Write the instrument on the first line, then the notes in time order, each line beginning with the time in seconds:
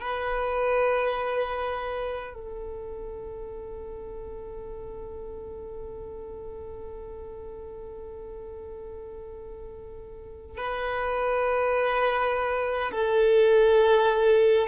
violin
0.00 B4
2.34 A4
10.58 B4
12.92 A4